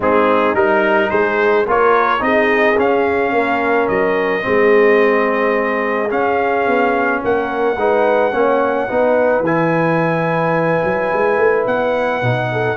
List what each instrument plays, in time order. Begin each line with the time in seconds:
0.00 tuba G#3, trombone C4, horn D#4, trumpet G#4
0.54 tuba G3, trombone D#4, trumpet A#4
1.09 tuba G#3, horn G#4, trumpet C5
1.66 tuba A#3, trombone F4, horn A#4, trumpet C#5
2.19 tuba C4, trombone D#4, horn G#4, trumpet D#5
2.77 tuba C#4, trombone C#4, trumpet F5
3.32 tuba A#3, horn A#4
3.88 tuba F#3, trumpet D#5
4.42 tuba G#3, trombone C4, horn G#4
6.09 trombone C#4, tuba C#4, trumpet F5
6.66 tuba B3
7.24 tuba A#3, horn A#4, trumpet F#5
7.76 tuba G#3, trombone D#4, horn B4
8.32 tuba A#3, trombone C#4, horn C#5
8.88 tuba B3, trombone D#4, horn B4
9.40 tuba E3, trombone E4, trumpet G#5
10.84 tuba F#3
11.13 tuba G#3
11.37 tuba A3
11.66 tuba B3, trumpet F#5
12.22 tuba B2, trombone D#4
12.52 horn A4